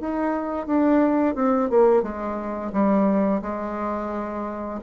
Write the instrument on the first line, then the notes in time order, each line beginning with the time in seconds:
bassoon
0.00 D#4
0.66 D4
1.35 C4
1.70 A#3
2.03 G#3
2.72 G3
3.42 G#3